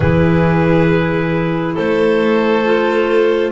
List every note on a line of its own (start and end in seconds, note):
0.00 1.75 E3
0.00 2.64 E4
0.00 1.75 G#4
0.00 1.74 B4
1.75 3.51 A3
1.75 3.51 A4
1.75 3.51 C5
2.64 3.51 F4